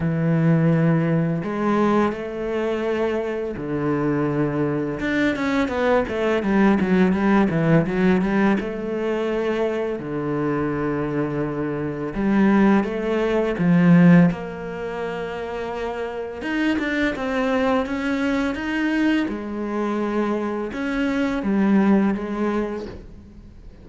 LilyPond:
\new Staff \with { instrumentName = "cello" } { \time 4/4 \tempo 4 = 84 e2 gis4 a4~ | a4 d2 d'8 cis'8 | b8 a8 g8 fis8 g8 e8 fis8 g8 | a2 d2~ |
d4 g4 a4 f4 | ais2. dis'8 d'8 | c'4 cis'4 dis'4 gis4~ | gis4 cis'4 g4 gis4 | }